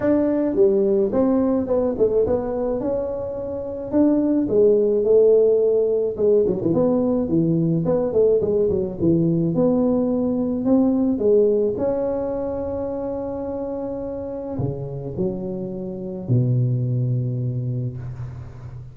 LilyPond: \new Staff \with { instrumentName = "tuba" } { \time 4/4 \tempo 4 = 107 d'4 g4 c'4 b8 a8 | b4 cis'2 d'4 | gis4 a2 gis8 fis16 e16 | b4 e4 b8 a8 gis8 fis8 |
e4 b2 c'4 | gis4 cis'2.~ | cis'2 cis4 fis4~ | fis4 b,2. | }